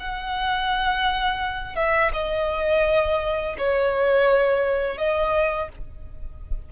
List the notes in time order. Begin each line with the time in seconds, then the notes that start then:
0.00 F#5
1.76 E5
2.14 D#5
3.58 C#5
4.98 D#5